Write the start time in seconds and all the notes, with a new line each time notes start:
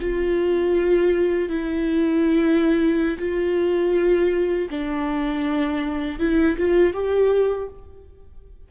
0.00 F4
1.49 E4
3.18 F4
4.70 D4
6.19 E4
6.58 F4
6.93 G4